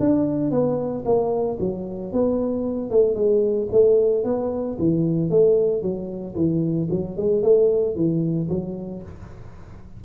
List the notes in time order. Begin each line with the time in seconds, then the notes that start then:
0.00 D4
0.51 B3
1.05 A#3
1.60 F#3
2.13 B3
2.90 A3
3.15 G#3
3.72 A3
4.24 B3
4.79 E3
5.30 A3
5.82 F#3
6.35 E3
6.91 F#3
7.17 G#3
7.43 A3
7.95 E3
8.50 F#3